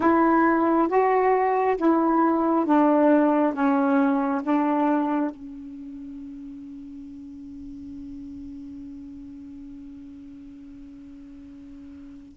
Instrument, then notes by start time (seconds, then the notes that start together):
saxophone
0.00 E4
0.88 F#4
1.77 E4
2.65 D4
3.53 C#4
4.42 D4
5.30 C#4